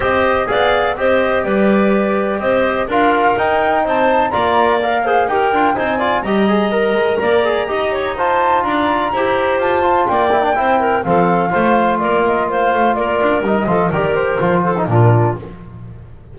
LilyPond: <<
  \new Staff \with { instrumentName = "flute" } { \time 4/4 \tempo 4 = 125 dis''4 f''4 dis''4 d''4~ | d''4 dis''4 f''4 g''4 | a''4 ais''4 f''4 g''4 | gis''4 ais''2.~ |
ais''4 a''4 ais''2 | a''4 g''2 f''4~ | f''4 d''8 dis''8 f''4 d''4 | dis''4 d''8 c''4. ais'4 | }
  \new Staff \with { instrumentName = "clarinet" } { \time 4/4 c''4 d''4 c''4 b'4~ | b'4 c''4 ais'2 | c''4 d''4. c''8 ais'4 | c''8 d''8 dis''2 d''4 |
dis''8 cis''8 c''4 d''4 c''4~ | c''4 d''4 c''8 ais'8 a'4 | c''4 ais'4 c''4 ais'4~ | ais'8 a'8 ais'4. a'8 f'4 | }
  \new Staff \with { instrumentName = "trombone" } { \time 4/4 g'4 gis'4 g'2~ | g'2 f'4 dis'4~ | dis'4 f'4 ais'8 gis'8 g'8 f'8 | dis'8 f'8 g'8 gis'8 ais'4. gis'8 |
g'4 f'2 g'4~ | g'8 f'4 e'16 d'16 e'4 c'4 | f'1 | dis'8 f'8 g'4 f'8. dis'16 d'4 | }
  \new Staff \with { instrumentName = "double bass" } { \time 4/4 c'4 b4 c'4 g4~ | g4 c'4 d'4 dis'4 | c'4 ais2 dis'8 d'8 | c'4 g4. gis8 ais4 |
dis'2 d'4 e'4 | f'4 ais4 c'4 f4 | a4 ais4. a8 ais8 d'8 | g8 f8 dis4 f4 ais,4 | }
>>